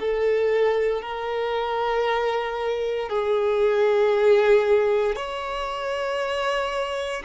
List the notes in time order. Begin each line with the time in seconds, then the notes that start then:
0.00 A4
1.02 A#4
3.09 G#4
5.16 C#5